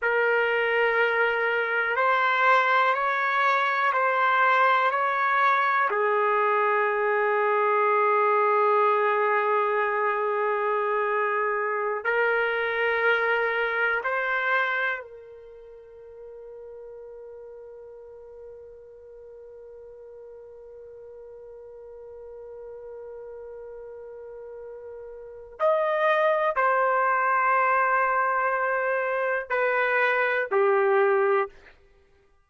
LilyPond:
\new Staff \with { instrumentName = "trumpet" } { \time 4/4 \tempo 4 = 61 ais'2 c''4 cis''4 | c''4 cis''4 gis'2~ | gis'1~ | gis'16 ais'2 c''4 ais'8.~ |
ais'1~ | ais'1~ | ais'2 dis''4 c''4~ | c''2 b'4 g'4 | }